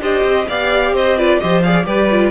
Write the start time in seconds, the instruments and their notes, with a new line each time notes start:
0.00 cello D4, violin G4 D#5, viola C5
0.24 cello C4
0.48 cello B3, viola G4, violin D5 F5
0.92 cello C4, violin C5 D#5
1.17 viola F4, violin B4 D5
1.39 cello F3, viola G4, violin C5 D#5
1.62 viola G#4, violin D5 F5
1.85 cello G3, viola G4, violin B4 D5
2.11 viola F4